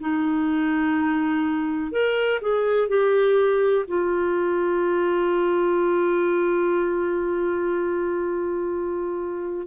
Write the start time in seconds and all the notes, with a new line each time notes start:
0.00 D#4
1.92 A#4
2.41 G#4
2.89 G4
3.88 F4